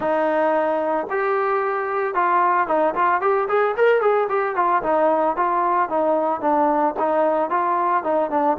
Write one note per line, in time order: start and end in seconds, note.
0.00 1.06 D#4
1.10 2.14 G4
2.14 2.67 F4
2.67 2.94 D#4
2.95 3.21 F4
3.21 3.47 G4
3.48 3.75 G#4
3.76 4.01 A#4
4.01 4.28 G#4
4.29 4.55 G4
4.55 4.82 F4
4.82 5.36 D#4
5.36 5.89 F4
5.89 6.40 D#4
6.40 6.94 D4
6.99 7.50 D#4
7.50 8.03 F4
8.03 8.30 D#4
8.30 8.57 D4